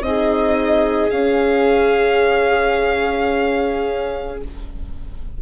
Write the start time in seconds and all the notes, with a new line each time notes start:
0.00 C4 D#4 G#4 D#5
1.10 C#4 F5